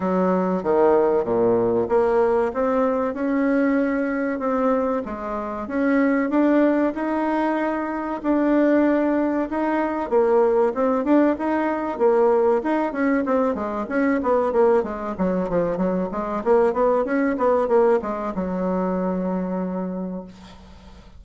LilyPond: \new Staff \with { instrumentName = "bassoon" } { \time 4/4 \tempo 4 = 95 fis4 dis4 ais,4 ais4 | c'4 cis'2 c'4 | gis4 cis'4 d'4 dis'4~ | dis'4 d'2 dis'4 |
ais4 c'8 d'8 dis'4 ais4 | dis'8 cis'8 c'8 gis8 cis'8 b8 ais8 gis8 | fis8 f8 fis8 gis8 ais8 b8 cis'8 b8 | ais8 gis8 fis2. | }